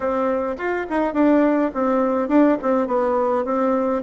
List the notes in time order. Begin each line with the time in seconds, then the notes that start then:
0.00 C4
0.57 F4
0.89 D#4
1.13 D4
1.74 C4
2.28 D4
2.61 C4
2.87 B3
3.44 C4